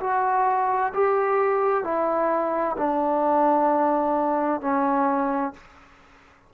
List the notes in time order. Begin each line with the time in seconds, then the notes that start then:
0.00 F#4
0.94 G4
1.84 E4
2.77 D4
4.61 C#4